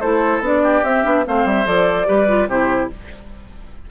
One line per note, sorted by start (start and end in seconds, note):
0.00 0.40 A3
0.00 0.42 E4
0.00 0.62 A4
0.00 0.41 C5
0.40 0.81 B3
0.40 0.83 D4
0.40 0.84 D5
0.62 1.24 G4
0.83 1.04 C4
0.83 1.03 C4
0.83 1.25 E5
1.03 1.25 B3
1.03 1.24 D4
1.25 1.44 A3
1.25 1.65 C4
1.25 2.07 C5
1.25 1.47 F5
1.44 1.65 G3
1.44 1.67 E5
1.65 2.06 F3
1.65 2.05 A4
1.65 2.48 D5
2.05 2.47 G3
2.05 2.26 G4
2.05 2.48 B4
2.27 2.48 F4
2.47 2.88 C3
2.47 2.90 E4
2.47 2.89 G4
2.47 2.89 C5